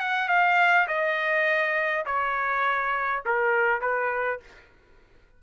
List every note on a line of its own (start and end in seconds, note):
0.00 0.29 F#5
0.29 0.87 F5
0.88 2.06 D#5
2.06 3.23 C#5
3.26 3.81 A#4
3.81 4.40 B4